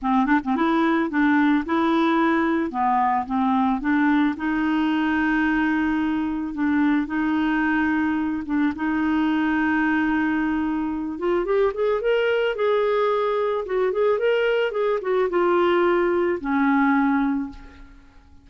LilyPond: \new Staff \with { instrumentName = "clarinet" } { \time 4/4 \tempo 4 = 110 c'8 d'16 c'16 e'4 d'4 e'4~ | e'4 b4 c'4 d'4 | dis'1 | d'4 dis'2~ dis'8 d'8 |
dis'1~ | dis'8 f'8 g'8 gis'8 ais'4 gis'4~ | gis'4 fis'8 gis'8 ais'4 gis'8 fis'8 | f'2 cis'2 | }